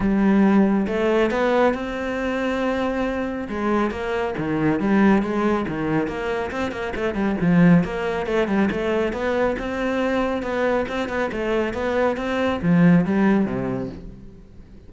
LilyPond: \new Staff \with { instrumentName = "cello" } { \time 4/4 \tempo 4 = 138 g2 a4 b4 | c'1 | gis4 ais4 dis4 g4 | gis4 dis4 ais4 c'8 ais8 |
a8 g8 f4 ais4 a8 g8 | a4 b4 c'2 | b4 c'8 b8 a4 b4 | c'4 f4 g4 c4 | }